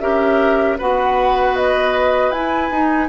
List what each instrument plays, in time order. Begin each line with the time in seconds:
0.00 bassoon C#4, clarinet G4, oboe A#4, flute E5
0.78 bassoon B3, clarinet F#4, oboe B4, flute F#5
1.56 flute D#5
2.31 bassoon E4, clarinet E4, flute G#5
2.70 bassoon D#4, clarinet D#4